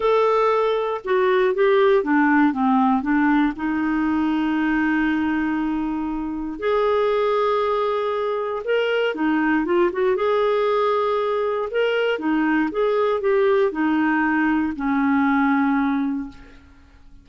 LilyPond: \new Staff \with { instrumentName = "clarinet" } { \time 4/4 \tempo 4 = 118 a'2 fis'4 g'4 | d'4 c'4 d'4 dis'4~ | dis'1~ | dis'4 gis'2.~ |
gis'4 ais'4 dis'4 f'8 fis'8 | gis'2. ais'4 | dis'4 gis'4 g'4 dis'4~ | dis'4 cis'2. | }